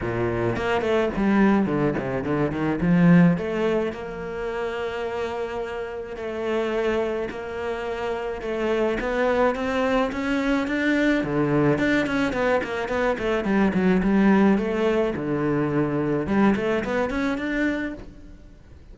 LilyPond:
\new Staff \with { instrumentName = "cello" } { \time 4/4 \tempo 4 = 107 ais,4 ais8 a8 g4 d8 c8 | d8 dis8 f4 a4 ais4~ | ais2. a4~ | a4 ais2 a4 |
b4 c'4 cis'4 d'4 | d4 d'8 cis'8 b8 ais8 b8 a8 | g8 fis8 g4 a4 d4~ | d4 g8 a8 b8 cis'8 d'4 | }